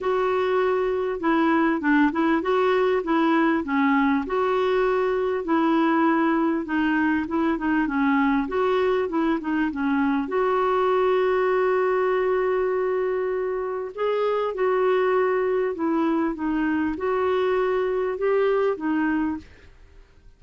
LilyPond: \new Staff \with { instrumentName = "clarinet" } { \time 4/4 \tempo 4 = 99 fis'2 e'4 d'8 e'8 | fis'4 e'4 cis'4 fis'4~ | fis'4 e'2 dis'4 | e'8 dis'8 cis'4 fis'4 e'8 dis'8 |
cis'4 fis'2.~ | fis'2. gis'4 | fis'2 e'4 dis'4 | fis'2 g'4 dis'4 | }